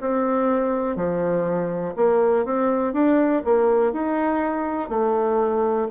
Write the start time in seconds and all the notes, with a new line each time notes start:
0.00 C4
0.96 F3
1.96 A#3
2.45 C4
2.93 D4
3.45 A#3
3.92 D#4
4.89 A3